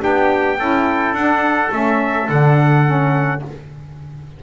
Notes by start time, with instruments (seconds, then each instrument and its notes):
0.00 double bass B3, saxophone D4, trumpet G4 G5
0.59 double bass C#4, saxophone E4, trumpet A4
1.13 double bass D4, saxophone D4, trumpet F#5
1.71 double bass A3, saxophone C#4, trumpet E5
2.29 double bass D3, saxophone D4, trumpet F#5
2.85 saxophone C#4